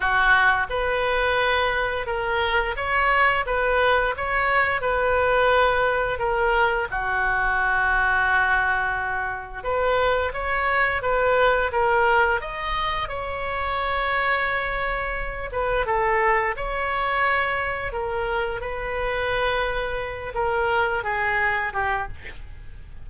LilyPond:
\new Staff \with { instrumentName = "oboe" } { \time 4/4 \tempo 4 = 87 fis'4 b'2 ais'4 | cis''4 b'4 cis''4 b'4~ | b'4 ais'4 fis'2~ | fis'2 b'4 cis''4 |
b'4 ais'4 dis''4 cis''4~ | cis''2~ cis''8 b'8 a'4 | cis''2 ais'4 b'4~ | b'4. ais'4 gis'4 g'8 | }